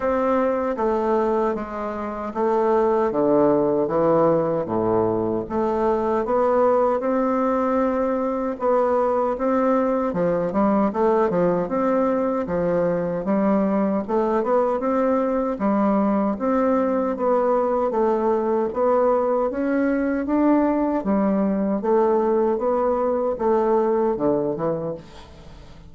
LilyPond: \new Staff \with { instrumentName = "bassoon" } { \time 4/4 \tempo 4 = 77 c'4 a4 gis4 a4 | d4 e4 a,4 a4 | b4 c'2 b4 | c'4 f8 g8 a8 f8 c'4 |
f4 g4 a8 b8 c'4 | g4 c'4 b4 a4 | b4 cis'4 d'4 g4 | a4 b4 a4 d8 e8 | }